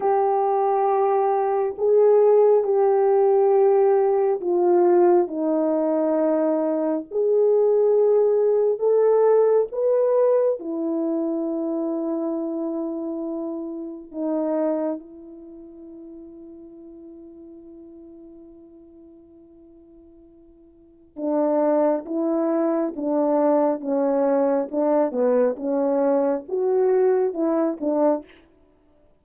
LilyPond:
\new Staff \with { instrumentName = "horn" } { \time 4/4 \tempo 4 = 68 g'2 gis'4 g'4~ | g'4 f'4 dis'2 | gis'2 a'4 b'4 | e'1 |
dis'4 e'2.~ | e'1 | d'4 e'4 d'4 cis'4 | d'8 b8 cis'4 fis'4 e'8 d'8 | }